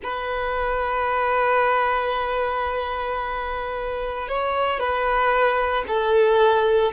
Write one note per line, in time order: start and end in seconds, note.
0.03 4.28 B4
4.28 4.79 C#5
4.79 5.84 B4
5.87 6.91 A4